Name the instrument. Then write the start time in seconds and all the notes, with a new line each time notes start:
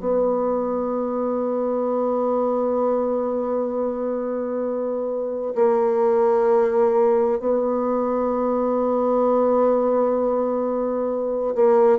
bassoon
0.00 B3
5.55 A#3
7.39 B3
11.55 A#3